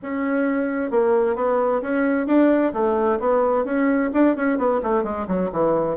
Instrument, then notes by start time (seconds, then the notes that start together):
bassoon
0.02 C#4
0.91 A#3
1.35 B3
1.82 C#4
2.27 D4
2.73 A3
3.19 B3
3.64 C#4
4.13 D4
4.36 C#4
4.57 B3
4.82 A3
5.03 G#3
5.27 F#3
5.51 E3